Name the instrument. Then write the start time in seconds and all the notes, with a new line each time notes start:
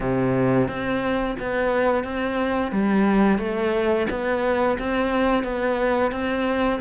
cello
0.00 C3
0.68 C4
1.39 B3
2.04 C4
2.71 G3
3.38 A3
4.09 B3
4.79 C4
5.43 B3
6.11 C4